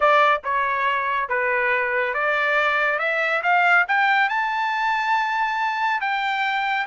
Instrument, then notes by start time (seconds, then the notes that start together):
trumpet
0.00 D5
0.44 C#5
1.28 B4
2.14 D5
2.99 E5
3.42 F5
3.88 G5
4.29 A5
6.00 G5